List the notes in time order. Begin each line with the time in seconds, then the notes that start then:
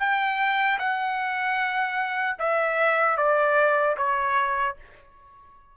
0.00 G5
0.79 F#5
2.39 E5
3.18 D5
3.98 C#5